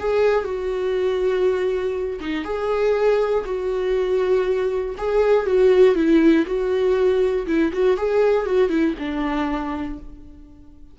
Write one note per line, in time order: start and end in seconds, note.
0.00 0.45 G#4
0.45 2.20 F#4
2.21 2.45 D#4
2.45 3.45 G#4
3.45 4.95 F#4
4.98 5.47 G#4
5.47 5.95 F#4
5.95 6.45 E4
6.47 7.47 F#4
7.47 7.72 E4
7.73 7.98 F#4
7.98 8.47 G#4
8.47 8.70 F#4
8.70 8.95 E4
8.99 9.99 D4